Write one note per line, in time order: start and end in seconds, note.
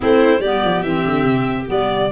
0.00 0.39 A3
0.00 0.39 C4
0.00 0.41 E4
0.00 0.41 C5
0.39 0.60 G3
0.39 0.85 B3
0.39 2.08 G4
0.39 0.82 D5
0.64 0.83 F3
0.82 1.04 E3
0.82 1.67 C4
0.82 1.66 E5
1.04 1.23 D3
1.23 1.65 C3
1.67 2.11 G3
1.67 2.09 B3
1.67 2.11 D5